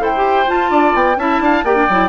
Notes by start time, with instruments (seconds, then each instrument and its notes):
0.00 bassoon E4, clarinet A4, oboe C5, flute G5
0.16 clarinet G4
0.47 clarinet F4, bassoon F4, flute A5
0.71 bassoon D4, oboe D5
0.95 bassoon B3, flute G5
1.17 bassoon C#4, clarinet E4, oboe E5, flute A5
1.41 bassoon D4, oboe F5
1.64 bassoon A#3, clarinet G4, oboe D5, flute G5
1.76 clarinet D4
1.89 bassoon F#3, clarinet E4